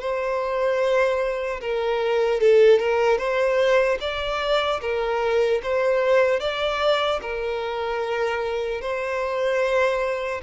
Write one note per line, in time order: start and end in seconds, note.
0.00 1.60 C5
1.60 2.40 A#4
2.40 2.79 A4
2.79 3.18 A#4
3.18 3.98 C5
4.00 4.80 D5
4.81 5.61 A#4
5.62 6.40 C5
6.40 7.20 D5
7.21 8.81 A#4
8.81 10.41 C5